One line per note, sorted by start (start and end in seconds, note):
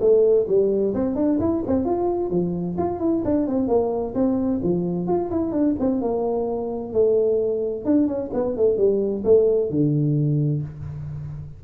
0.00 0.46 A3
0.48 0.94 G3
0.94 1.15 C4
1.15 1.38 D4
1.40 1.63 E4
1.67 1.85 C4
1.85 2.30 F4
2.30 2.76 F3
2.78 3.00 F4
3.00 3.23 E4
3.25 3.47 D4
3.47 3.68 C4
3.68 4.14 A#3
4.15 4.61 C4
4.63 5.07 F3
5.07 5.30 F4
5.31 5.52 E4
5.52 5.75 D4
5.79 6.01 C4
6.01 6.93 A#3
6.93 7.85 A3
7.85 8.07 D4
8.07 8.30 C#4
8.33 8.57 B3
8.57 8.77 A3
8.77 9.23 G3
9.24 9.70 A3
9.70 10.62 D3